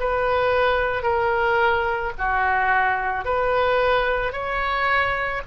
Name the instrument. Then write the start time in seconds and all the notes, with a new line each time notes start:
oboe
0.00 B4
1.03 A#4
2.18 F#4
3.25 B4
4.33 C#5